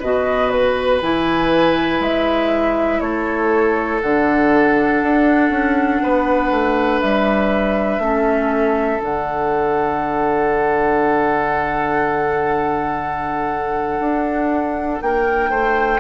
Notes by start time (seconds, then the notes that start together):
0.00 B2 F#4 B4 D#5
0.50 B4
1.02 E3 E4 G#5
2.00 G#3 E5
3.00 A3 A4 C#5
4.01 D3 D4 F#5
5.03 D4
5.50 C#4
6.03 B3 B4
6.51 A3
7.01 G3 E5
7.99 A3 C#4 A4
9.01 D3 D4 F#5
14.00 D4
15.01 A#3 A#4 G5
15.50 A3 C5